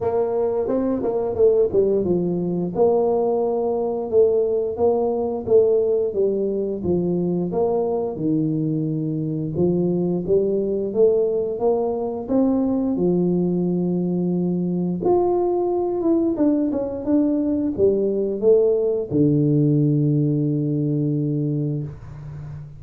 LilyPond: \new Staff \with { instrumentName = "tuba" } { \time 4/4 \tempo 4 = 88 ais4 c'8 ais8 a8 g8 f4 | ais2 a4 ais4 | a4 g4 f4 ais4 | dis2 f4 g4 |
a4 ais4 c'4 f4~ | f2 f'4. e'8 | d'8 cis'8 d'4 g4 a4 | d1 | }